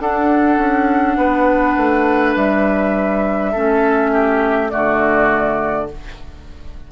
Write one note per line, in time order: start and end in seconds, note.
0.00 0.58 D4
0.00 3.54 D4
0.00 1.18 A4
0.00 2.36 F#5
0.58 1.17 C#4
1.17 1.76 B3
1.17 3.52 B4
1.77 2.36 A3
2.36 3.54 G3
2.36 4.70 E5
3.52 4.74 A3
3.52 4.70 C#4
3.52 4.11 A4
4.13 4.72 G4
4.70 5.92 D3
4.70 5.87 A3
4.70 5.90 F#4
4.70 5.87 D5